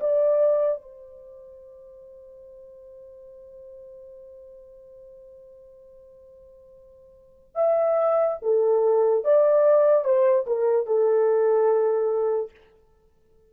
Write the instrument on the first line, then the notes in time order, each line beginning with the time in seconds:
horn
0.00 D5
0.82 C5
7.55 E5
8.42 A4
9.24 D5
10.04 C5
10.46 A#4
10.86 A4